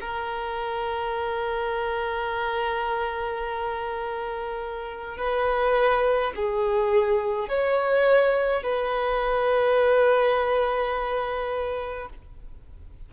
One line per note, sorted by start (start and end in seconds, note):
0.00 5.17 A#4
5.17 6.33 B4
6.36 7.48 G#4
7.48 8.63 C#5
8.63 12.09 B4